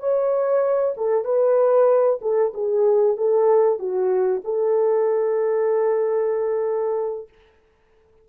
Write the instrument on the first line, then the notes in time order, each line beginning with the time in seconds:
horn
0.00 C#5
0.97 A4
1.25 B4
2.22 A4
2.54 G#4
3.17 A4
3.79 F#4
4.44 A4